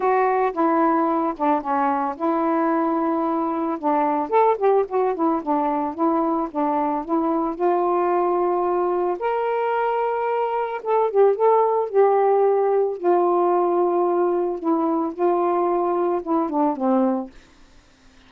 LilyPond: \new Staff \with { instrumentName = "saxophone" } { \time 4/4 \tempo 4 = 111 fis'4 e'4. d'8 cis'4 | e'2. d'4 | a'8 g'8 fis'8 e'8 d'4 e'4 | d'4 e'4 f'2~ |
f'4 ais'2. | a'8 g'8 a'4 g'2 | f'2. e'4 | f'2 e'8 d'8 c'4 | }